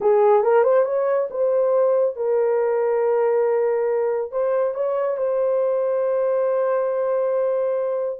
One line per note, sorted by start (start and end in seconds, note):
0.00 0.43 G#4
0.43 0.63 A#4
0.63 0.85 C5
0.85 1.28 C#5
1.30 2.16 C5
2.16 4.31 A#4
4.31 4.74 C5
4.74 5.17 C#5
5.17 8.19 C5